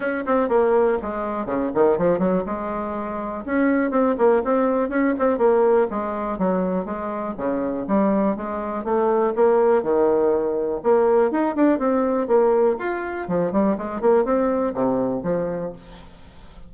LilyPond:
\new Staff \with { instrumentName = "bassoon" } { \time 4/4 \tempo 4 = 122 cis'8 c'8 ais4 gis4 cis8 dis8 | f8 fis8 gis2 cis'4 | c'8 ais8 c'4 cis'8 c'8 ais4 | gis4 fis4 gis4 cis4 |
g4 gis4 a4 ais4 | dis2 ais4 dis'8 d'8 | c'4 ais4 f'4 f8 g8 | gis8 ais8 c'4 c4 f4 | }